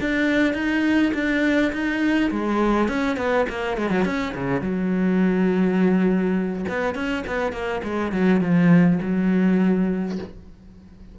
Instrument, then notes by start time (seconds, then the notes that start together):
cello
0.00 D4
0.53 D#4
1.14 D4
1.72 D#4
2.30 G#3
2.88 C#4
3.16 B3
3.49 A#3
3.77 G#3
3.90 F#3
4.05 C#4
4.34 C#3
4.61 F#3
6.68 B3
6.94 C#4
7.27 B3
7.52 A#3
7.83 G#3
8.12 F#3
8.40 F3
9.02 F#3